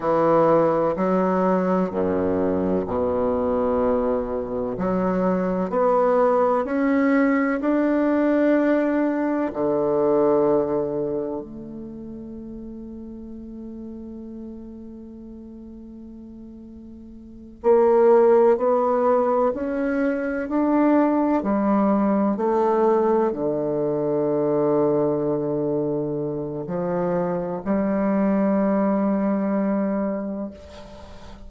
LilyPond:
\new Staff \with { instrumentName = "bassoon" } { \time 4/4 \tempo 4 = 63 e4 fis4 fis,4 b,4~ | b,4 fis4 b4 cis'4 | d'2 d2 | a1~ |
a2~ a8 ais4 b8~ | b8 cis'4 d'4 g4 a8~ | a8 d2.~ d8 | f4 g2. | }